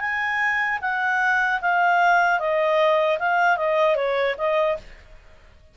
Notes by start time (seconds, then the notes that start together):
0.00 G#5
0.81 F#5
1.61 F5
2.39 D#5
3.19 F5
3.57 D#5
3.95 C#5
4.37 D#5